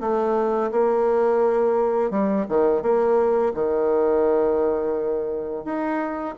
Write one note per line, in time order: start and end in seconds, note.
0.00 0.71 A3
0.71 2.10 A#3
2.10 2.45 G3
2.48 2.82 D#3
2.82 3.52 A#3
3.54 5.64 D#3
5.64 6.35 D#4